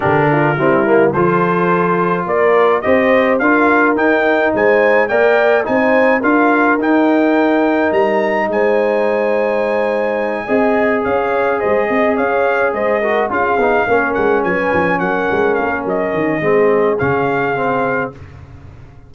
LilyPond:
<<
  \new Staff \with { instrumentName = "trumpet" } { \time 4/4 \tempo 4 = 106 ais'2 c''2 | d''4 dis''4 f''4 g''4 | gis''4 g''4 gis''4 f''4 | g''2 ais''4 gis''4~ |
gis''2.~ gis''8 f''8~ | f''8 dis''4 f''4 dis''4 f''8~ | f''4 fis''8 gis''4 fis''4 f''8 | dis''2 f''2 | }
  \new Staff \with { instrumentName = "horn" } { \time 4/4 g'8 f'8 e'4 a'2 | ais'4 c''4 ais'2 | c''4 d''4 c''4 ais'4~ | ais'2. c''4~ |
c''2~ c''8 dis''4 cis''8~ | cis''8 c''8 dis''8 cis''4 c''8 ais'8 gis'8~ | gis'8 ais'4 b'4 ais'4.~ | ais'4 gis'2. | }
  \new Staff \with { instrumentName = "trombone" } { \time 4/4 d'4 c'8 ais8 f'2~ | f'4 g'4 f'4 dis'4~ | dis'4 ais'4 dis'4 f'4 | dis'1~ |
dis'2~ dis'8 gis'4.~ | gis'2. fis'8 f'8 | dis'8 cis'2.~ cis'8~ | cis'4 c'4 cis'4 c'4 | }
  \new Staff \with { instrumentName = "tuba" } { \time 4/4 d4 g4 f2 | ais4 c'4 d'4 dis'4 | gis4 ais4 c'4 d'4 | dis'2 g4 gis4~ |
gis2~ gis8 c'4 cis'8~ | cis'8 gis8 c'8 cis'4 gis4 cis'8 | b8 ais8 gis8 fis8 f8 fis8 gis8 ais8 | fis8 dis8 gis4 cis2 | }
>>